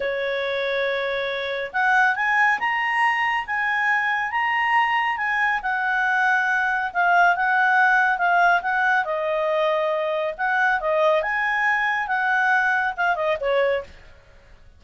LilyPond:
\new Staff \with { instrumentName = "clarinet" } { \time 4/4 \tempo 4 = 139 cis''1 | fis''4 gis''4 ais''2 | gis''2 ais''2 | gis''4 fis''2. |
f''4 fis''2 f''4 | fis''4 dis''2. | fis''4 dis''4 gis''2 | fis''2 f''8 dis''8 cis''4 | }